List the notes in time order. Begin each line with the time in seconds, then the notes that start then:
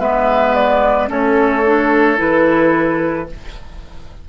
0.00 G#3 B3 B4 E5
0.55 D5
1.08 A3 C#4 A4 C#5
1.66 D4
2.17 E3 E4 B4